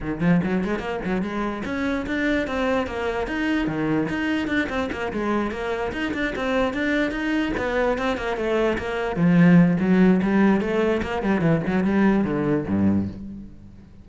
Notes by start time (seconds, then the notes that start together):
0.01 D#3
0.20 F3
0.43 F#3
0.63 G#3
0.79 A#3
1.04 F#3
1.22 G#3
1.65 C#4
2.06 D4
2.47 C4
2.87 A#3
3.27 D#4
3.67 D#3
4.08 D#4
4.47 D4
4.69 C4
4.92 A#3
5.13 G#3
5.51 A#3
5.92 D#4
6.13 D4
6.35 C4
6.73 D4
7.11 D#4
7.57 B3
7.98 C4
8.17 A#3
8.36 A3
8.78 A#3
9.16 F3
9.79 F#3
10.22 G3
10.60 A3
11.02 A#3
11.22 G3
11.41 E3
11.66 F#3
11.83 G3
12.24 D3
12.67 G2